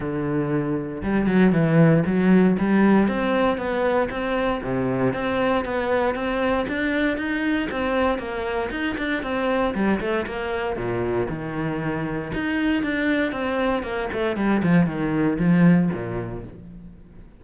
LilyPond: \new Staff \with { instrumentName = "cello" } { \time 4/4 \tempo 4 = 117 d2 g8 fis8 e4 | fis4 g4 c'4 b4 | c'4 c4 c'4 b4 | c'4 d'4 dis'4 c'4 |
ais4 dis'8 d'8 c'4 g8 a8 | ais4 ais,4 dis2 | dis'4 d'4 c'4 ais8 a8 | g8 f8 dis4 f4 ais,4 | }